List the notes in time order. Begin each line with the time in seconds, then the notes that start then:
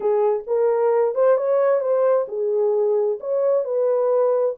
0.00 G#4
0.46 A#4
1.14 C5
1.37 C#5
1.80 C5
2.27 G#4
3.19 C#5
3.64 B4